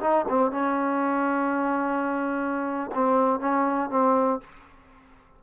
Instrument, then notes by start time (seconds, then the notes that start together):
trombone
0.00 D#4
0.28 C4
0.51 C#4
2.94 C4
3.40 C#4
3.90 C4